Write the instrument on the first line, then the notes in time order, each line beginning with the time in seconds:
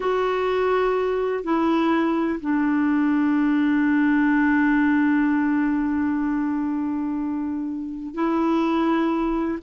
clarinet
0.00 F#4
1.43 E4
2.40 D4
8.14 E4